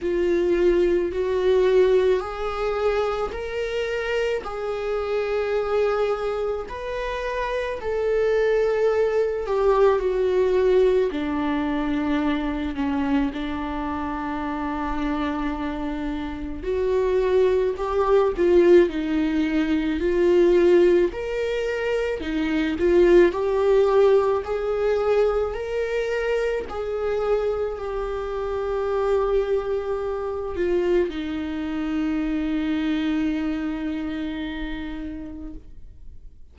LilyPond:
\new Staff \with { instrumentName = "viola" } { \time 4/4 \tempo 4 = 54 f'4 fis'4 gis'4 ais'4 | gis'2 b'4 a'4~ | a'8 g'8 fis'4 d'4. cis'8 | d'2. fis'4 |
g'8 f'8 dis'4 f'4 ais'4 | dis'8 f'8 g'4 gis'4 ais'4 | gis'4 g'2~ g'8 f'8 | dis'1 | }